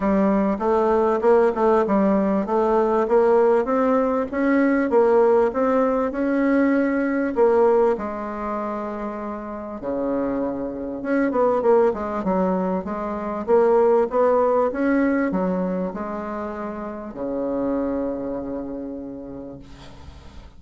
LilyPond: \new Staff \with { instrumentName = "bassoon" } { \time 4/4 \tempo 4 = 98 g4 a4 ais8 a8 g4 | a4 ais4 c'4 cis'4 | ais4 c'4 cis'2 | ais4 gis2. |
cis2 cis'8 b8 ais8 gis8 | fis4 gis4 ais4 b4 | cis'4 fis4 gis2 | cis1 | }